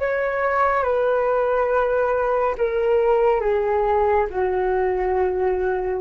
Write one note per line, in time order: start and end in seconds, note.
0.00 0.84 C#5
0.84 2.55 B4
2.58 3.41 A#4
3.41 4.27 G#4
4.31 6.01 F#4